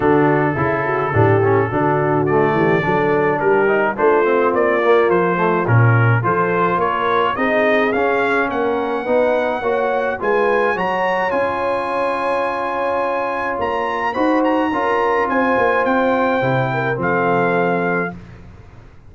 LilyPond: <<
  \new Staff \with { instrumentName = "trumpet" } { \time 4/4 \tempo 4 = 106 a'1 | d''2 ais'4 c''4 | d''4 c''4 ais'4 c''4 | cis''4 dis''4 f''4 fis''4~ |
fis''2 gis''4 ais''4 | gis''1 | ais''4 b''8 ais''4. gis''4 | g''2 f''2 | }
  \new Staff \with { instrumentName = "horn" } { \time 4/4 fis'4 e'8 fis'8 g'4 fis'4~ | fis'8 g'8 a'4 g'4 f'4~ | f'2. a'4 | ais'4 gis'2 ais'4 |
b'4 cis''4 b'4 cis''4~ | cis''1~ | cis''4 c''4 ais'4 c''4~ | c''4. ais'8 a'2 | }
  \new Staff \with { instrumentName = "trombone" } { \time 4/4 d'4 e'4 d'8 cis'8 d'4 | a4 d'4. dis'8 d'8 c'8~ | c'8 ais4 a8 cis'4 f'4~ | f'4 dis'4 cis'2 |
dis'4 fis'4 f'4 fis'4 | f'1~ | f'4 fis'4 f'2~ | f'4 e'4 c'2 | }
  \new Staff \with { instrumentName = "tuba" } { \time 4/4 d4 cis4 a,4 d4~ | d8 e8 fis4 g4 a4 | ais4 f4 ais,4 f4 | ais4 c'4 cis'4 ais4 |
b4 ais4 gis4 fis4 | cis'1 | ais4 dis'4 cis'4 c'8 ais8 | c'4 c4 f2 | }
>>